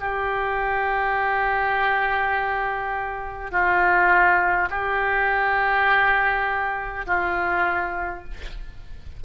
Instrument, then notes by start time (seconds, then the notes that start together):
oboe
0.00 G4
3.52 F4
4.71 G4
7.07 F4